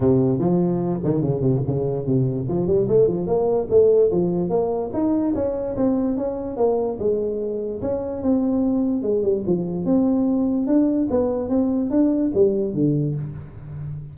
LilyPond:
\new Staff \with { instrumentName = "tuba" } { \time 4/4 \tempo 4 = 146 c4 f4. dis8 cis8 c8 | cis4 c4 f8 g8 a8 f8 | ais4 a4 f4 ais4 | dis'4 cis'4 c'4 cis'4 |
ais4 gis2 cis'4 | c'2 gis8 g8 f4 | c'2 d'4 b4 | c'4 d'4 g4 d4 | }